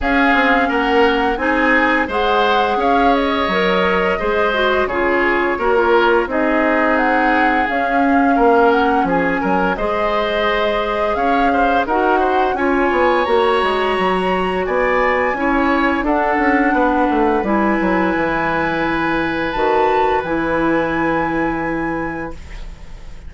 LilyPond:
<<
  \new Staff \with { instrumentName = "flute" } { \time 4/4 \tempo 4 = 86 f''4 fis''4 gis''4 fis''4 | f''8 dis''2~ dis''8 cis''4~ | cis''4 dis''4 fis''4 f''4~ | f''8 fis''8 gis''4 dis''2 |
f''4 fis''4 gis''4 ais''4~ | ais''4 gis''2 fis''4~ | fis''4 gis''2. | a''4 gis''2. | }
  \new Staff \with { instrumentName = "oboe" } { \time 4/4 gis'4 ais'4 gis'4 c''4 | cis''2 c''4 gis'4 | ais'4 gis'2. | ais'4 gis'8 ais'8 c''2 |
cis''8 c''8 ais'8 c''8 cis''2~ | cis''4 d''4 cis''4 a'4 | b'1~ | b'1 | }
  \new Staff \with { instrumentName = "clarinet" } { \time 4/4 cis'2 dis'4 gis'4~ | gis'4 ais'4 gis'8 fis'8 f'4 | fis'16 f'8. dis'2 cis'4~ | cis'2 gis'2~ |
gis'4 fis'4 f'4 fis'4~ | fis'2 e'4 d'4~ | d'4 e'2. | fis'4 e'2. | }
  \new Staff \with { instrumentName = "bassoon" } { \time 4/4 cis'8 c'8 ais4 c'4 gis4 | cis'4 fis4 gis4 cis4 | ais4 c'2 cis'4 | ais4 f8 fis8 gis2 |
cis'4 dis'4 cis'8 b8 ais8 gis8 | fis4 b4 cis'4 d'8 cis'8 | b8 a8 g8 fis8 e2 | dis4 e2. | }
>>